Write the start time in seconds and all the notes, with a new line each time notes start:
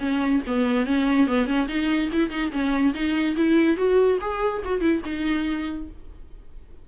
0.00 C#4
0.47 B3
0.86 C#4
1.27 B3
1.46 C#4
1.68 D#4
2.12 E4
2.30 D#4
2.52 C#4
2.94 D#4
3.37 E4
3.77 F#4
4.21 G#4
4.65 F#4
4.81 E4
5.05 D#4